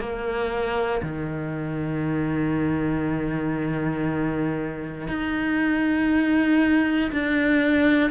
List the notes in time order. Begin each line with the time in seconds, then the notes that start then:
0.00 A#3
1.03 D#3
5.08 D#4
7.12 D4